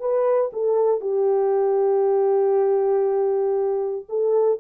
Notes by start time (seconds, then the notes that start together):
0.00 B4
0.53 A4
1.01 G4
4.09 A4